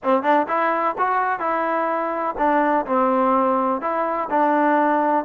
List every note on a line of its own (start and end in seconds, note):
0.03 0.22 C4
0.22 0.46 D4
0.47 0.95 E4
0.98 1.39 F#4
1.39 2.35 E4
2.37 2.85 D4
2.86 3.81 C4
3.81 4.29 E4
4.29 5.24 D4